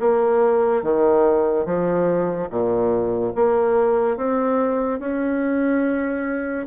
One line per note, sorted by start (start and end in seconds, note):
0.00 0.83 A#3
0.83 1.66 D#3
1.66 2.49 F3
2.50 3.33 A#2
3.35 4.17 A#3
4.17 5.00 C4
5.00 6.66 C#4